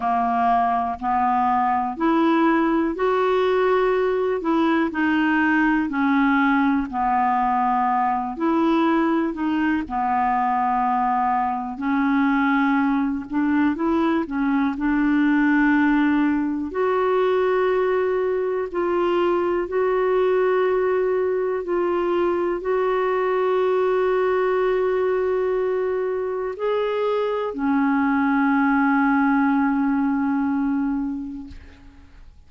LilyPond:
\new Staff \with { instrumentName = "clarinet" } { \time 4/4 \tempo 4 = 61 ais4 b4 e'4 fis'4~ | fis'8 e'8 dis'4 cis'4 b4~ | b8 e'4 dis'8 b2 | cis'4. d'8 e'8 cis'8 d'4~ |
d'4 fis'2 f'4 | fis'2 f'4 fis'4~ | fis'2. gis'4 | cis'1 | }